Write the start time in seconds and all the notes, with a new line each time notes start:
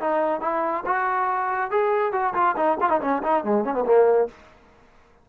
0.00 D#4
0.41 E4
0.86 F#4
1.71 G#4
2.12 F#4
2.34 F4
2.56 D#4
2.80 F4
2.89 D#4
3.01 C#4
3.23 D#4
3.44 G#3
3.64 C#4
3.74 B3
3.85 A#3